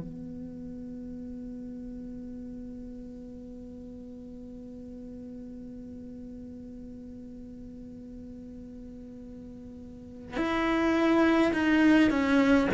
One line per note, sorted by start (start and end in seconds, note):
0.00 10.36 B3
10.36 11.52 E4
11.53 12.10 D#4
12.10 12.68 C#4